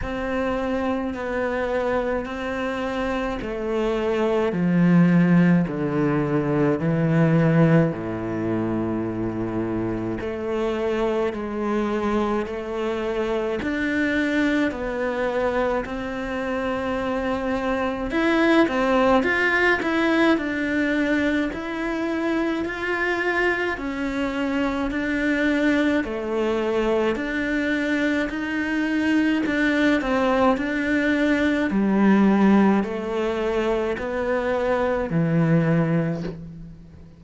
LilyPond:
\new Staff \with { instrumentName = "cello" } { \time 4/4 \tempo 4 = 53 c'4 b4 c'4 a4 | f4 d4 e4 a,4~ | a,4 a4 gis4 a4 | d'4 b4 c'2 |
e'8 c'8 f'8 e'8 d'4 e'4 | f'4 cis'4 d'4 a4 | d'4 dis'4 d'8 c'8 d'4 | g4 a4 b4 e4 | }